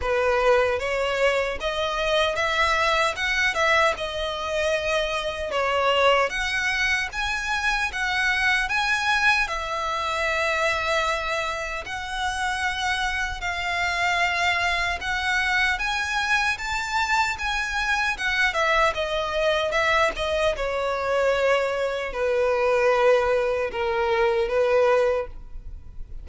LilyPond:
\new Staff \with { instrumentName = "violin" } { \time 4/4 \tempo 4 = 76 b'4 cis''4 dis''4 e''4 | fis''8 e''8 dis''2 cis''4 | fis''4 gis''4 fis''4 gis''4 | e''2. fis''4~ |
fis''4 f''2 fis''4 | gis''4 a''4 gis''4 fis''8 e''8 | dis''4 e''8 dis''8 cis''2 | b'2 ais'4 b'4 | }